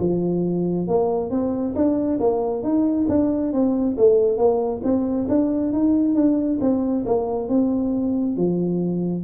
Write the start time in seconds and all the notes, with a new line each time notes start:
0.00 F3
0.88 A#3
1.31 C4
1.76 D4
2.20 A#3
2.63 D#4
3.09 D4
3.53 C4
3.97 A3
4.38 A#3
4.84 C4
5.29 D4
5.73 D#4
6.15 D4
6.61 C4
7.06 A#3
7.49 C4
8.37 F3